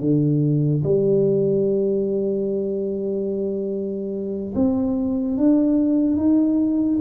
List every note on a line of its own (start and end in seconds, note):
0.00 0.82 D3
0.83 4.53 G3
4.55 5.37 C4
5.37 6.16 D4
6.16 6.99 D#4